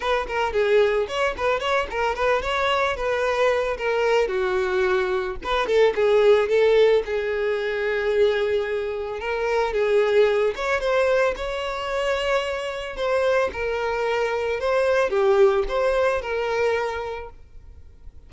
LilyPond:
\new Staff \with { instrumentName = "violin" } { \time 4/4 \tempo 4 = 111 b'8 ais'8 gis'4 cis''8 b'8 cis''8 ais'8 | b'8 cis''4 b'4. ais'4 | fis'2 b'8 a'8 gis'4 | a'4 gis'2.~ |
gis'4 ais'4 gis'4. cis''8 | c''4 cis''2. | c''4 ais'2 c''4 | g'4 c''4 ais'2 | }